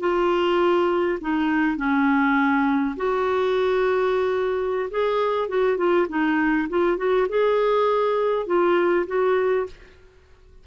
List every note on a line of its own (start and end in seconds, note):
0.00 1.19 F4
1.21 1.77 D#4
1.77 2.96 C#4
2.96 4.90 F#4
4.90 5.48 G#4
5.48 5.77 F#4
5.77 6.07 F4
6.09 6.68 D#4
6.69 6.97 F4
6.97 7.27 F#4
7.29 8.47 G#4
8.47 9.06 F4
9.07 9.66 F#4